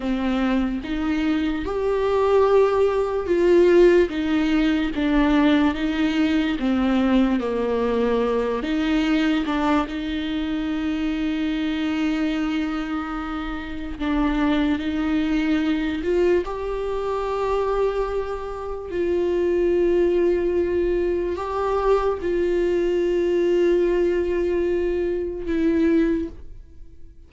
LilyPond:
\new Staff \with { instrumentName = "viola" } { \time 4/4 \tempo 4 = 73 c'4 dis'4 g'2 | f'4 dis'4 d'4 dis'4 | c'4 ais4. dis'4 d'8 | dis'1~ |
dis'4 d'4 dis'4. f'8 | g'2. f'4~ | f'2 g'4 f'4~ | f'2. e'4 | }